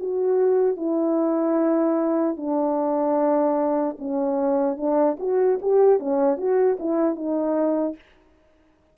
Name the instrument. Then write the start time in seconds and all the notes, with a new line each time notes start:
horn
0.00 F#4
0.77 E4
2.37 D4
3.99 C#4
4.77 D4
5.20 F#4
5.62 G4
6.00 C#4
6.38 F#4
6.80 E4
7.16 D#4